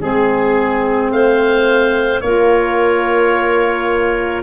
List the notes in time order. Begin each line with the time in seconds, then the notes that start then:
0.00 G#3 C4 G#4
1.10 A3 C5 F5
2.21 A#3 F4 A#4 C#5